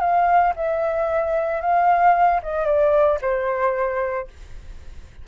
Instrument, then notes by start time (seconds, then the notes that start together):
flute
0.00 F5
0.56 E5
1.61 F5
2.43 D#5
2.65 D5
3.21 C5